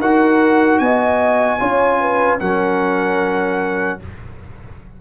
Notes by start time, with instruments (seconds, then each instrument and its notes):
0.00 tuba D#4, trombone F#4, horn A#4, trumpet F#5
0.79 tuba B3, horn D#5, trumpet G#5
1.59 tuba C#4, trombone F4, horn C#5
2.00 horn B4
2.40 tuba F#3, trombone C#4, horn A#4, trumpet F#5